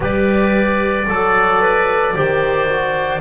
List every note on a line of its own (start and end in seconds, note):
0.00 1.06 G3
0.00 1.04 G4
0.00 1.08 B4
0.00 3.21 D5
1.07 2.15 F#3
1.07 1.61 A4
1.07 2.15 A4
1.61 2.15 B4
2.15 3.21 D#3
2.15 2.68 G4
2.15 3.21 C5
2.69 3.21 F#4